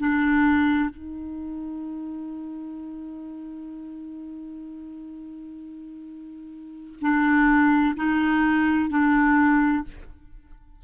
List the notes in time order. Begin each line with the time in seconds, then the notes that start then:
0.00 D4
0.90 D#4
7.01 D4
7.96 D#4
8.90 D4